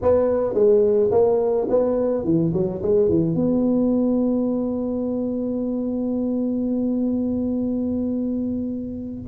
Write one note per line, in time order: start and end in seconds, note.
0.02 0.54 B3
0.54 1.10 G#3
1.11 1.67 A#3
1.69 2.24 B3
2.24 2.52 E3
2.53 2.81 F#3
2.82 3.08 G#3
3.08 3.35 E3
3.35 9.24 B3